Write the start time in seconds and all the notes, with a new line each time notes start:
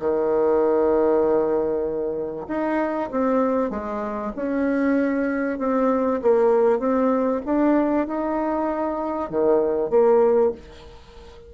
0.00 D#3
2.48 D#4
3.12 C4
3.71 G#3
4.36 C#4
5.59 C4
6.22 A#3
6.80 C4
7.46 D4
8.07 D#4
9.30 D#3
9.90 A#3